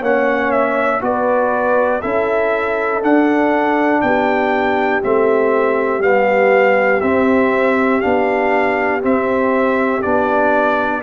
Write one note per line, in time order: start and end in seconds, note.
0.00 1.01 A#3
0.00 1.01 C#4
0.00 1.00 C#5
0.00 0.52 F#5
0.52 1.02 E5
1.01 2.02 B3
1.01 2.01 F#4
1.01 2.02 B4
1.01 2.02 D5
2.02 3.02 C#4
2.02 3.02 E4
2.02 4.02 A4
2.02 3.02 E5
3.02 4.02 D4
3.02 5.02 D4
3.02 4.01 F#5
4.01 5.03 B3
4.01 11.03 G4
4.01 5.01 G5
5.02 5.99 A3
5.02 6.02 C4
5.02 6.03 E5
5.99 6.99 G3
5.99 7.02 B3
5.99 7.01 F5
7.01 8.03 C4
7.01 8.02 C4
7.01 8.01 E5
8.01 9.04 B3
8.01 9.02 D4
8.01 9.01 F5
9.02 10.02 C4
9.02 10.04 C4
9.02 10.02 E5
10.02 11.03 B3
10.02 11.02 D4
10.02 11.02 D5